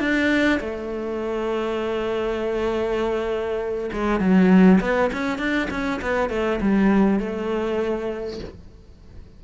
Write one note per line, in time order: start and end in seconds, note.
0.00 0.60 D4
0.61 3.91 A3
3.93 4.21 G#3
4.21 4.81 F#3
4.81 5.11 B3
5.13 5.39 C#4
5.39 5.69 D4
5.71 6.01 C#4
6.02 6.30 B3
6.30 6.60 A3
6.62 7.20 G3
7.20 8.40 A3